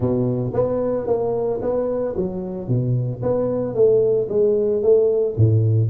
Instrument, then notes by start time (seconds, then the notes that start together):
tuba
0.00 B2
0.53 B3
1.07 A#3
1.61 B3
2.16 F#3
2.68 B2
3.22 B3
3.74 A3
4.29 G#3
4.82 A3
5.36 A2